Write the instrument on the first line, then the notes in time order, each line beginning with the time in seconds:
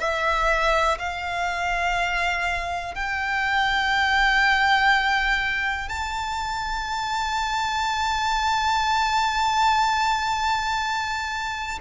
violin
0.00 E5
0.99 F5
2.96 G5
5.89 A5